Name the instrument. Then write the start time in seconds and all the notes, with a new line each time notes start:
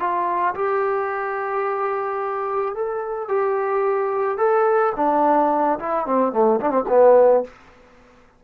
trombone
0.00 F4
0.56 G4
2.75 A4
3.29 G4
4.38 A4
4.97 D4
5.80 E4
6.07 C4
6.33 A3
6.61 D4
6.71 C4
6.89 B3